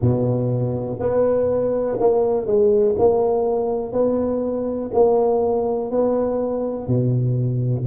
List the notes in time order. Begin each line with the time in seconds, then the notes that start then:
0.01 B2
0.99 B3
1.99 A#3
2.46 G#3
2.98 A#3
3.92 B3
4.93 A#3
5.90 B3
6.87 B2